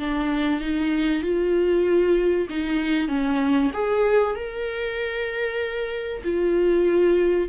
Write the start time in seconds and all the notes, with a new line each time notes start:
0.00 D4
0.61 D#4
1.23 F4
2.50 D#4
3.09 C#4
3.74 G#4
4.36 A#4
6.24 F4